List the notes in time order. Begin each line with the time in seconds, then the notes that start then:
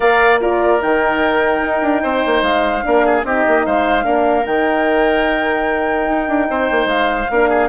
0.00 A#3 A#4 D5 F5
0.40 F4 A#4 D5
0.80 D#3 D#4 G5
1.60 D#4
1.81 D4
2.02 C4 C5
2.26 A#3
2.42 G#3 F5
2.82 A#3 D4 A#4
3.05 G#4
3.23 C4 D#4 G4 D#5
3.47 A#3
3.65 G#3 C5 F5
4.03 A#3 D4 A#4
4.44 D#3 D#4 G5
6.08 D#4
6.27 D4
6.49 C4 C5
6.70 A#3
6.85 G#3 F5
7.30 A#3 D4 A#4
7.49 G#4